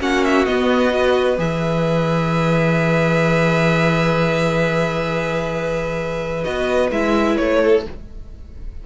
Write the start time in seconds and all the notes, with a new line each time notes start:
0.00 A#3 C#4 F#4 F#5
0.24 E5
0.46 B3 D#5
0.91 F#4 B4
1.37 E3 G#4 E5
6.44 B3 F#4 D#5
6.91 G#3 E4 E5
7.37 A3 C#5
7.63 A4